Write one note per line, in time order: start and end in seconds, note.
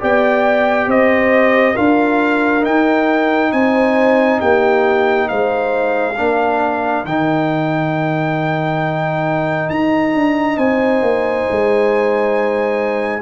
0.00 0.87 B3
0.00 1.75 G4
0.00 0.88 D5
0.00 0.91 G5
0.87 1.75 C4
0.87 1.74 C5
0.87 1.77 D#5
1.74 2.66 D4
1.74 2.61 F4
1.74 3.51 A#4
1.74 2.65 F5
2.61 6.14 D#4
2.61 3.53 D#4
2.61 3.52 G5
3.52 4.41 C4
3.52 4.40 C5
3.52 4.41 G#5
4.40 5.30 A#3
4.40 5.28 G4
4.40 5.29 G5
5.29 6.19 G#3
5.29 6.16 C5
5.29 7.06 F5
6.16 7.05 A#3
6.16 7.06 D4
6.16 10.57 A#4
7.05 9.70 D#3
7.05 13.22 D#4
7.05 9.70 G5
9.70 10.15 D#4
9.70 10.58 A#5
10.15 10.58 D4
10.57 11.02 C4
10.57 13.22 C5
10.57 13.22 G#5
11.02 11.46 A#3
11.51 13.22 G#3